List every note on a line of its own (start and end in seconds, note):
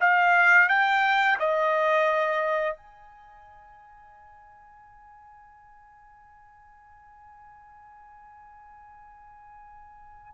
0.00 0.69 F5
0.69 1.38 G5
1.39 2.76 D#5
2.76 10.34 G#5